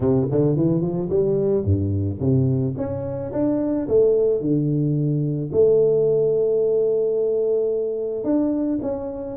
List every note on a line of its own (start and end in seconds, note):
0.00 0.27 C3
0.31 0.56 D3
0.56 0.81 E3
0.81 1.09 F3
1.09 1.64 G3
1.64 2.19 G2
2.19 2.74 C3
2.77 3.32 C#4
3.32 3.87 D4
3.88 4.40 A3
4.40 5.50 D3
5.52 8.24 A3
8.24 8.79 D4
8.82 9.37 C#4